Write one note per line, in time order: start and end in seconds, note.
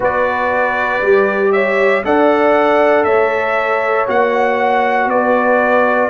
0.00 1.01 B3
0.00 1.02 F#4
0.00 1.51 B4
0.00 1.52 D5
1.01 2.03 G3
1.01 2.04 G4
1.52 2.03 C#5
1.52 2.03 E5
2.04 3.05 D4
2.04 4.07 A4
2.04 3.06 D5
2.04 3.04 F#5
3.04 4.06 A3
3.04 5.09 C#5
3.04 4.05 E5
4.07 5.06 A#3
4.07 6.10 F#4
4.07 5.09 F#5
5.06 6.07 B3
5.06 6.10 B4
5.06 6.10 D5